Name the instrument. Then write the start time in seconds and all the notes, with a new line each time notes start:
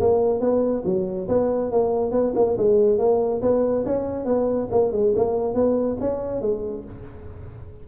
tuba
0.00 A#3
0.40 B3
0.85 F#3
1.28 B3
1.71 A#3
2.11 B3
2.35 A#3
2.57 G#3
2.98 A#3
3.42 B3
3.85 C#4
4.25 B3
4.71 A#3
4.91 G#3
5.16 A#3
5.54 B3
6.00 C#4
6.41 G#3